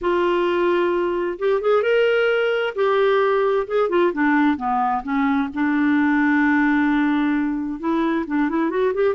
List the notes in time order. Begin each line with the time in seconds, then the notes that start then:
0.01 F4
1.38 G4
1.61 G#4
1.82 A#4
2.75 G4
3.67 G#4
3.89 F4
4.12 D4
4.56 B3
5.03 C#4
5.54 D4
7.79 E4
8.26 D4
8.49 E4
8.69 F#4
8.94 G4